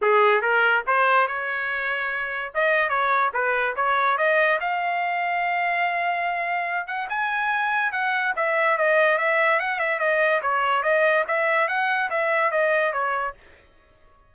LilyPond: \new Staff \with { instrumentName = "trumpet" } { \time 4/4 \tempo 4 = 144 gis'4 ais'4 c''4 cis''4~ | cis''2 dis''4 cis''4 | b'4 cis''4 dis''4 f''4~ | f''1~ |
f''8 fis''8 gis''2 fis''4 | e''4 dis''4 e''4 fis''8 e''8 | dis''4 cis''4 dis''4 e''4 | fis''4 e''4 dis''4 cis''4 | }